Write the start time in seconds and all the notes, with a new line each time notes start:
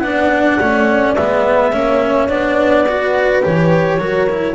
0.00 B3 D4 D5 F#5
0.60 A3 C#4
1.15 G#3 B3 E5
1.72 A#3 C#4 C#5
2.29 B3 D4 D5
2.89 F#4 B4
3.43 E3 G4 C#5
3.99 F#3 F#4 A#4
4.30 E4